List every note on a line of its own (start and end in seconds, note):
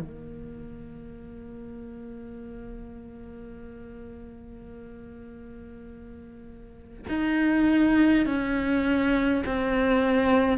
0.00 7.06 A#3
7.08 8.25 D#4
8.25 9.43 C#4
9.45 10.58 C4